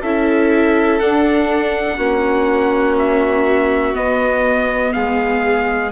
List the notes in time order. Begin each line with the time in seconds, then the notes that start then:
0.00 C#4 E4 A4 E5
0.99 D4 F#5
1.96 A#3 C#4 F#4
2.98 E5
3.93 B3 D#5
4.92 G#3 G#4 F5